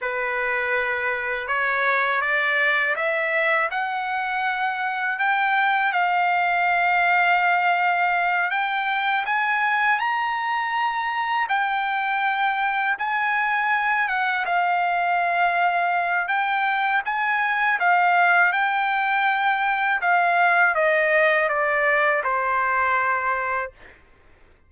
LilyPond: \new Staff \with { instrumentName = "trumpet" } { \time 4/4 \tempo 4 = 81 b'2 cis''4 d''4 | e''4 fis''2 g''4 | f''2.~ f''8 g''8~ | g''8 gis''4 ais''2 g''8~ |
g''4. gis''4. fis''8 f''8~ | f''2 g''4 gis''4 | f''4 g''2 f''4 | dis''4 d''4 c''2 | }